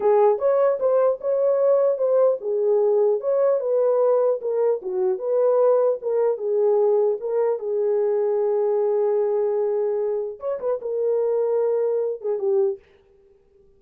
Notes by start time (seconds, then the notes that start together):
0.00 G#4
0.38 C#5
0.79 C5
1.21 C#5
1.98 C5
2.40 G#4
3.20 C#5
3.60 B4
4.41 A#4
4.82 F#4
5.18 B4
6.01 A#4
6.37 G#4
7.20 A#4
7.59 G#4
10.39 C#5
10.60 B4
10.81 A#4
12.21 G#4
12.39 G4